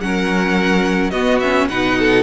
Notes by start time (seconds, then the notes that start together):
0.00 F#3 C#4 A#4 F#5
1.10 B3 F#4 D#5
1.39 C#4 E5
1.68 B2 D#4 B4 F#5
1.99 A4